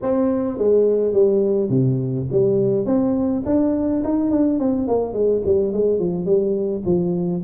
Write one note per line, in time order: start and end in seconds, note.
0.02 0.57 C4
0.57 1.13 G#3
1.13 1.69 G3
1.69 2.26 C3
2.31 2.85 G3
2.85 3.42 C4
3.45 4.02 D4
4.03 4.30 D#4
4.30 4.59 D4
4.59 4.87 C4
4.87 5.13 A#3
5.13 5.41 G#3
5.45 5.72 G3
5.72 5.99 G#3
5.99 6.25 F3
6.25 6.82 G3
6.85 7.43 F3